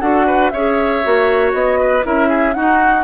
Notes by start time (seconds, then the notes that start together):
0.00 D4 F#4 A4 F#5
0.26 B4
0.50 C#4 G#4 C#5 E5
1.04 A#3 F#4
1.53 B3 D#5
1.80 B4
2.03 C#4 E4 A#4 E5
2.28 G#4
2.54 D#4 F#4 F#5